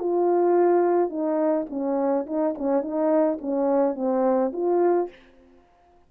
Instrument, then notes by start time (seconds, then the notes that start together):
horn
0.00 F4
1.10 D#4
1.70 C#4
2.27 D#4
2.58 C#4
2.82 D#4
3.42 C#4
3.96 C4
4.53 F4